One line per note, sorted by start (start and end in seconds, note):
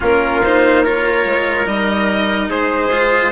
0.00 1.25 A#3
0.00 0.42 C#4
0.00 0.82 F4
0.00 0.43 A#4
0.43 0.85 D#4
0.43 0.84 C5
0.82 1.65 F4
0.82 2.49 A#4
0.82 1.68 C#5
1.25 1.66 G#3
1.65 2.49 G3
1.65 2.90 D#4
1.65 2.49 D#5
2.49 3.32 G#3
2.49 3.32 G#4
2.49 3.32 C5
2.91 3.32 F4